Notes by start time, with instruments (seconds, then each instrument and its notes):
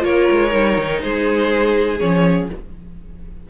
0.00 cello A#3, viola F4, violin A#4 C#5
0.31 cello G#3
0.51 cello G3, viola D#4
0.78 cello D#3
1.02 cello G#3, violin G#4 C5
2.00 cello F3, viola C#4, violin C#5